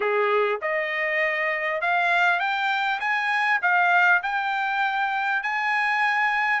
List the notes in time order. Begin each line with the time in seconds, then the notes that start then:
0.00 G#4
0.61 D#5
1.81 F5
2.39 G5
2.99 G#5
3.62 F5
4.22 G5
5.42 G#5